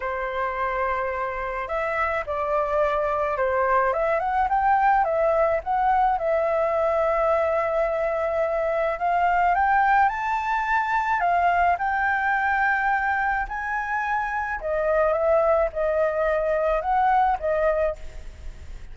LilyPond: \new Staff \with { instrumentName = "flute" } { \time 4/4 \tempo 4 = 107 c''2. e''4 | d''2 c''4 e''8 fis''8 | g''4 e''4 fis''4 e''4~ | e''1 |
f''4 g''4 a''2 | f''4 g''2. | gis''2 dis''4 e''4 | dis''2 fis''4 dis''4 | }